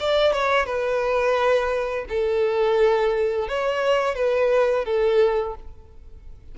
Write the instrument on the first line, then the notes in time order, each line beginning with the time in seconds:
violin
0.00 D5
0.33 C#5
0.66 B4
2.09 A4
3.49 C#5
4.15 B4
4.86 A4